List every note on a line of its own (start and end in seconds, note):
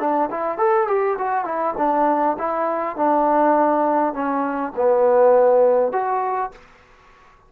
0.00 0.30 D4
0.31 0.58 E4
0.58 0.88 A4
0.88 1.17 G4
1.19 1.45 F#4
1.45 1.74 E4
1.78 2.37 D4
2.39 2.96 E4
2.96 4.13 D4
4.13 4.73 C#4
4.76 5.92 B3
5.92 6.52 F#4